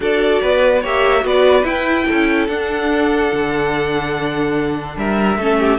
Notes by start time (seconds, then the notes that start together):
0.00 D4 F#4 A4 D5
0.42 B3 B4
0.81 A#3 G4 C#5 E5
1.21 B3 F#4 B4 D5
1.63 E4 G5
2.07 C#4 A4
2.47 D4 F#5
3.32 D3
4.96 G3 A#4 E5
5.37 A3 C#4 A4
5.59 G4